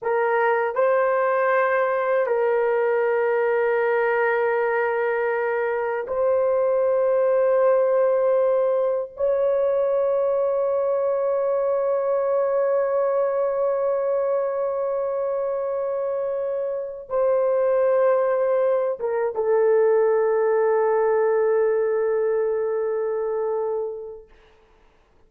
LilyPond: \new Staff \with { instrumentName = "horn" } { \time 4/4 \tempo 4 = 79 ais'4 c''2 ais'4~ | ais'1 | c''1 | cis''1~ |
cis''1~ | cis''2~ cis''8 c''4.~ | c''4 ais'8 a'2~ a'8~ | a'1 | }